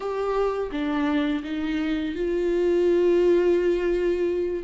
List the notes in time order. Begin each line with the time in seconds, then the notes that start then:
0.00 G4
0.71 D4
1.43 D#4
2.15 F4